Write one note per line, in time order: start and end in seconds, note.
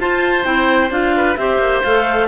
0.00 0.44 F4
0.00 0.46 F4
0.00 1.16 C5
0.00 0.44 A5
0.44 0.91 C4
0.44 0.90 E4
0.44 0.91 G5
0.91 1.37 D4
0.91 1.37 F4
0.91 1.36 F5
1.16 1.39 B4
1.36 1.58 C4
1.36 1.84 G4
1.36 2.28 C5
1.36 1.82 E5
1.58 1.81 A#3
1.83 2.28 A3
1.83 2.28 A4
1.83 2.28 F5